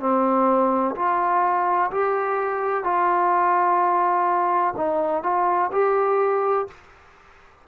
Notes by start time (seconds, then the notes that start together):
0.00 C4
0.96 F4
1.91 G4
2.84 F4
4.77 D#4
5.23 F4
5.72 G4